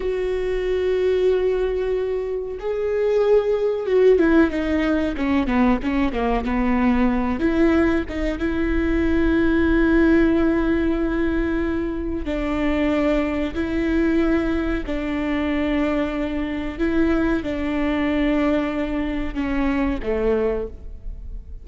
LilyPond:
\new Staff \with { instrumentName = "viola" } { \time 4/4 \tempo 4 = 93 fis'1 | gis'2 fis'8 e'8 dis'4 | cis'8 b8 cis'8 ais8 b4. e'8~ | e'8 dis'8 e'2.~ |
e'2. d'4~ | d'4 e'2 d'4~ | d'2 e'4 d'4~ | d'2 cis'4 a4 | }